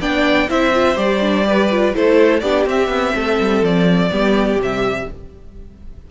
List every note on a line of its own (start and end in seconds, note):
0.00 0.48 B3
0.00 0.48 D4
0.00 0.49 D5
0.00 0.49 G5
0.48 0.96 C4
0.48 0.73 E4
0.48 1.47 C5
0.48 0.98 E5
0.73 0.95 F4
0.95 1.93 G3
0.95 1.19 G4
0.95 1.95 D5
1.20 1.45 D4
1.45 1.69 G4
1.45 1.95 B4
1.71 1.94 F4
1.94 2.42 A3
1.94 2.43 E4
1.94 2.43 A4
1.94 2.40 C5
2.40 2.66 B3
2.40 2.67 D4
2.40 3.15 G4
2.40 2.64 D5
2.66 2.88 C4
2.66 4.10 C4
2.66 3.64 E5
2.88 3.12 B3
3.15 3.39 A3
3.15 4.10 A4
3.40 3.62 G3
3.62 4.10 F3
3.62 4.61 D5
4.10 4.57 G3
4.10 4.59 B3
4.10 5.07 G4
4.57 5.05 C3
4.57 5.08 G3
4.57 5.11 E5